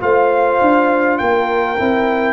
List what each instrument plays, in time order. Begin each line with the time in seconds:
0.00 tuba A3, trombone F4, horn C5, trumpet F5
0.61 tuba D4
1.18 tuba A#3, horn A#4, trumpet G5
1.78 tuba C4, trombone E4